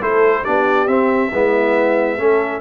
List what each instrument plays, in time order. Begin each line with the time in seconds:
0.00 tuba A3, trombone E4, horn A4, trumpet C5
0.43 tuba B3, trombone D4, horn G4, trumpet D5
0.88 tuba C4, trombone C4, trumpet E5
1.33 tuba G#3, trombone B3, horn E4
2.18 tuba A3, trombone C#4, horn A4